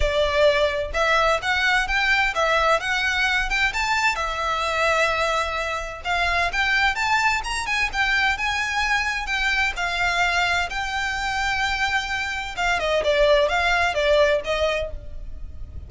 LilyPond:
\new Staff \with { instrumentName = "violin" } { \time 4/4 \tempo 4 = 129 d''2 e''4 fis''4 | g''4 e''4 fis''4. g''8 | a''4 e''2.~ | e''4 f''4 g''4 a''4 |
ais''8 gis''8 g''4 gis''2 | g''4 f''2 g''4~ | g''2. f''8 dis''8 | d''4 f''4 d''4 dis''4 | }